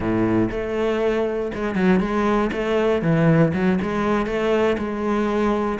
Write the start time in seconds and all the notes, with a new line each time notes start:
0.00 A2
0.50 A3
1.54 G#3
1.75 F#3
2.00 G#3
2.52 A3
3.02 E3
3.53 F#3
3.81 G#3
4.26 A3
4.77 G#3